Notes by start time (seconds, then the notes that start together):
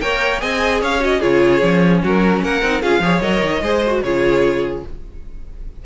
0.00 A#3 A#4 C#5 G5
0.39 C4 G#4 D#5 G#5
0.81 C#4 C#5 F5
0.99 F#4 D#5
1.19 C#3 F4 G#4 C#5
1.61 F3 C#4
2.02 F#3 F#4 A#4
2.42 A#3 A#4 F#5
2.62 C4 D#4
2.81 C#4 F4 G#4 F5
2.99 F3 G#4 C#5
3.21 F#3 A#4 D#5
3.42 D#3
3.61 G#3 G#4 C5
3.86 F#4
4.02 C#3 F4 G#4 C#5